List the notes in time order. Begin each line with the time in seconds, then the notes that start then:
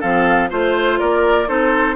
0.00 F3 C4 A4 F5
0.50 A3 F4 C5
0.99 A#3 A#4 D5
1.47 C4 D#4 A4 C5